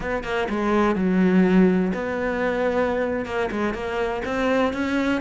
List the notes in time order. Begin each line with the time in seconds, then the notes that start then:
0.00 B3
0.23 A#3
0.49 G#3
0.95 F#3
1.93 B3
3.25 A#3
3.51 G#3
3.74 A#3
4.24 C4
4.73 C#4